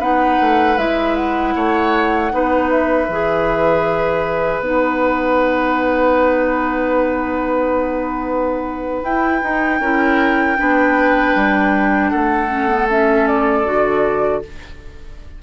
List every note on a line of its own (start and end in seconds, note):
0.00 0.38 B3
0.00 0.77 D#4
0.00 1.54 B4
0.00 0.78 F#5
0.41 0.78 A3
0.78 1.55 G#3
0.78 2.31 E4
0.78 1.16 E5
1.16 2.70 F#5
1.55 2.32 A3
1.55 2.32 C#5
2.31 3.08 B3
2.31 3.08 D#4
2.31 9.81 B4
2.70 4.62 E5
3.08 4.60 E3
3.08 4.63 G#4
4.60 9.02 B3
4.60 9.05 D#4
4.60 9.04 F#5
9.03 9.42 E4
9.03 12.10 G5
9.42 9.80 D#4
9.80 10.57 C#4
9.80 10.57 E4
9.80 10.58 A#4
10.57 11.36 B3
10.57 12.48 D4
10.57 12.11 B4
11.36 12.12 G3
12.10 13.66 A3
12.10 14.42 A4
12.10 12.87 F#5
12.48 12.67 C#4
12.67 12.87 B3
12.90 13.65 C#4
12.90 13.27 E5
13.27 14.43 D5
13.65 14.43 D3
13.65 14.42 F#4